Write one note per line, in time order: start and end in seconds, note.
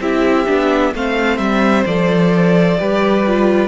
0.00 0.46 C4
0.00 0.47 E4
0.00 0.94 G4
0.00 0.94 E5
0.47 0.94 B3
0.47 0.93 D4
0.94 1.38 A3
0.94 1.87 C4
0.94 2.79 C5
0.94 1.38 F5
1.38 1.85 G3
1.38 1.84 E5
1.86 2.79 F3
1.86 2.78 A4
1.86 3.68 D5
2.78 3.68 G3
2.78 3.24 G4
2.78 3.68 B4
3.27 3.68 F4